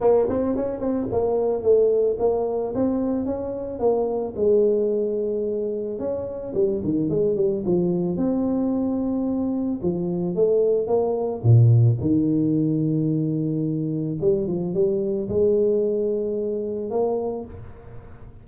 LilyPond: \new Staff \with { instrumentName = "tuba" } { \time 4/4 \tempo 4 = 110 ais8 c'8 cis'8 c'8 ais4 a4 | ais4 c'4 cis'4 ais4 | gis2. cis'4 | g8 dis8 gis8 g8 f4 c'4~ |
c'2 f4 a4 | ais4 ais,4 dis2~ | dis2 g8 f8 g4 | gis2. ais4 | }